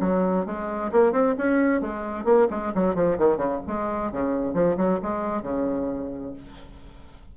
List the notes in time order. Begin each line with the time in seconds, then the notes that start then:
0.00 F#3
0.46 G#3
0.92 A#3
1.12 C4
1.38 C#4
1.81 G#3
2.25 A#3
2.50 G#3
2.74 F#3
2.95 F3
3.18 D#3
3.37 C#3
3.67 G#3
4.12 C#3
4.54 F3
4.77 F#3
5.02 G#3
5.42 C#3